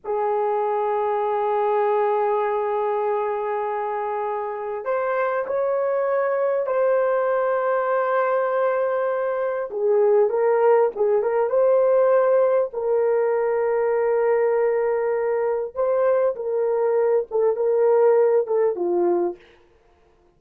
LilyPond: \new Staff \with { instrumentName = "horn" } { \time 4/4 \tempo 4 = 99 gis'1~ | gis'1 | c''4 cis''2 c''4~ | c''1 |
gis'4 ais'4 gis'8 ais'8 c''4~ | c''4 ais'2.~ | ais'2 c''4 ais'4~ | ais'8 a'8 ais'4. a'8 f'4 | }